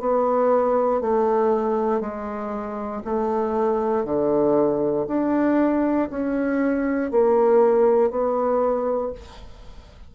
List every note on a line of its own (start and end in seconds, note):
0.00 1.01 B3
1.01 2.01 A3
2.01 3.02 G#3
3.05 4.05 A3
4.05 5.07 D3
5.08 6.09 D4
6.11 7.11 C#4
7.11 8.10 A#3
8.10 9.12 B3